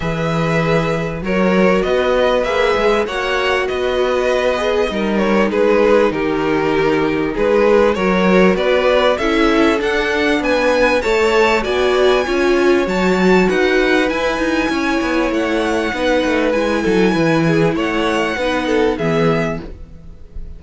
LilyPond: <<
  \new Staff \with { instrumentName = "violin" } { \time 4/4 \tempo 4 = 98 e''2 cis''4 dis''4 | e''4 fis''4 dis''2~ | dis''8 cis''8 b'4 ais'2 | b'4 cis''4 d''4 e''4 |
fis''4 gis''4 a''4 gis''4~ | gis''4 a''4 fis''4 gis''4~ | gis''4 fis''2 gis''4~ | gis''4 fis''2 e''4 | }
  \new Staff \with { instrumentName = "violin" } { \time 4/4 b'2 ais'4 b'4~ | b'4 cis''4 b'2 | ais'4 gis'4 g'2 | gis'4 ais'4 b'4 a'4~ |
a'4 b'4 cis''4 d''4 | cis''2 b'2 | cis''2 b'4. a'8 | b'8 gis'8 cis''4 b'8 a'8 gis'4 | }
  \new Staff \with { instrumentName = "viola" } { \time 4/4 gis'2 fis'2 | gis'4 fis'2~ fis'8 gis'8 | dis'1~ | dis'4 fis'2 e'4 |
d'2 a'4 fis'4 | f'4 fis'2 e'4~ | e'2 dis'4 e'4~ | e'2 dis'4 b4 | }
  \new Staff \with { instrumentName = "cello" } { \time 4/4 e2 fis4 b4 | ais8 gis8 ais4 b2 | g4 gis4 dis2 | gis4 fis4 b4 cis'4 |
d'4 b4 a4 b4 | cis'4 fis4 dis'4 e'8 dis'8 | cis'8 b8 a4 b8 a8 gis8 fis8 | e4 a4 b4 e4 | }
>>